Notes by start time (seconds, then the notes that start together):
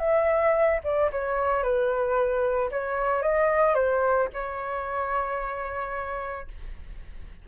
0.00 E5
0.84 D5
1.12 C#5
1.63 B4
2.72 C#5
3.23 D#5
3.75 C5
4.34 C#5